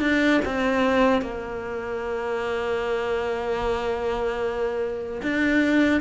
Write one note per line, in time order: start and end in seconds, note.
0.00 0.40 D4
0.45 1.21 C4
1.21 5.21 A#3
5.22 6.01 D4